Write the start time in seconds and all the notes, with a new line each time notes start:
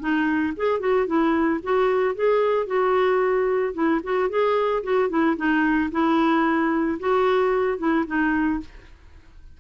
0.00 D#4
0.56 G#4
0.80 F#4
1.07 E4
1.63 F#4
2.15 G#4
2.67 F#4
3.74 E4
4.03 F#4
4.30 G#4
4.83 F#4
5.09 E4
5.36 D#4
5.91 E4
6.99 F#4
7.78 E4
8.06 D#4